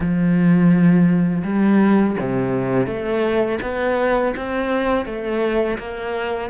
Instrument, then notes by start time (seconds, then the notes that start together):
cello
0.00 F3
1.44 G3
2.19 C3
2.86 A3
3.61 B3
4.36 C4
5.05 A3
5.78 A#3